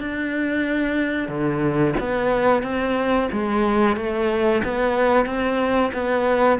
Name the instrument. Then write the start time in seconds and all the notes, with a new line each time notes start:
cello
0.00 D4
1.28 D3
2.00 B3
2.63 C4
3.32 G#3
3.96 A3
4.64 B3
5.25 C4
5.93 B3